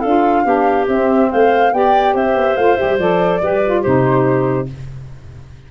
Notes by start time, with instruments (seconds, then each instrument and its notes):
0.00 tuba D4, saxophone F4, clarinet A4, flute F5
0.45 tuba B3, saxophone D4, clarinet G4
0.88 tuba C4, saxophone C4, flute E5
1.29 tuba A3, clarinet C5, flute F5
1.72 tuba B3, saxophone G4, clarinet D5, flute G5
2.14 tuba C4, clarinet C5, flute E5
2.35 tuba B3
2.56 tuba A3, saxophone F4, flute F5
2.77 tuba G3, saxophone G4, flute E5
2.99 tuba F3, saxophone A4, flute D5
3.41 tuba G3, saxophone G4, clarinet B4
3.65 saxophone F4
3.81 tuba C3, saxophone D#4, clarinet G4, flute C5